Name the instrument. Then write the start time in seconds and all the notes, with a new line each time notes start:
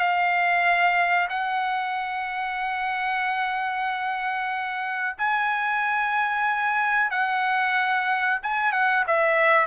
trumpet
0.00 F5
1.30 F#5
5.18 G#5
7.11 F#5
8.43 G#5
8.73 F#5
9.08 E5